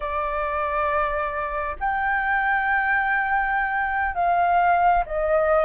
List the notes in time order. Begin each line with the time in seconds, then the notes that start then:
0.00 D5
1.80 G5
4.14 F5
5.05 D#5